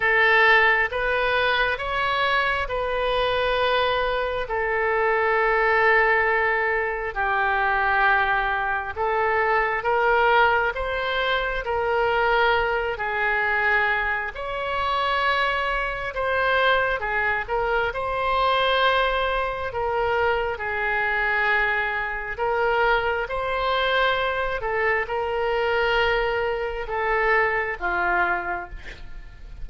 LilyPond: \new Staff \with { instrumentName = "oboe" } { \time 4/4 \tempo 4 = 67 a'4 b'4 cis''4 b'4~ | b'4 a'2. | g'2 a'4 ais'4 | c''4 ais'4. gis'4. |
cis''2 c''4 gis'8 ais'8 | c''2 ais'4 gis'4~ | gis'4 ais'4 c''4. a'8 | ais'2 a'4 f'4 | }